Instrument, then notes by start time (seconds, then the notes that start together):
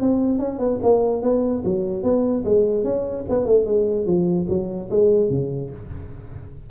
tuba
0.00 C4
0.38 C#4
0.58 B3
0.82 A#3
1.22 B3
1.65 F#3
2.03 B3
2.45 G#3
2.84 C#4
3.29 B3
3.45 A3
3.65 G#3
4.06 F3
4.49 F#3
4.90 G#3
5.29 C#3